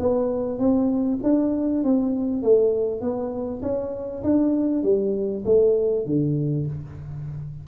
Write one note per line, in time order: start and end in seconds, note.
0.00 0.59 B3
0.59 1.20 C4
1.23 1.84 D4
1.84 2.43 C4
2.43 3.01 A3
3.01 3.62 B3
3.63 4.23 C#4
4.24 4.83 D4
4.83 5.44 G3
5.45 6.06 A3
6.06 6.67 D3